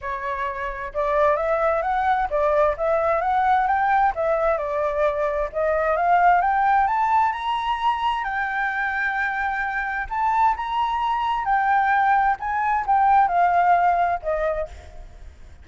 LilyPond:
\new Staff \with { instrumentName = "flute" } { \time 4/4 \tempo 4 = 131 cis''2 d''4 e''4 | fis''4 d''4 e''4 fis''4 | g''4 e''4 d''2 | dis''4 f''4 g''4 a''4 |
ais''2 g''2~ | g''2 a''4 ais''4~ | ais''4 g''2 gis''4 | g''4 f''2 dis''4 | }